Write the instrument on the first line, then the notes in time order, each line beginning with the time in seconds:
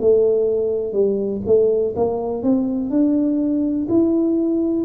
tuba
0.00 A3
0.93 G3
1.46 A3
1.96 A#3
2.43 C4
2.90 D4
3.89 E4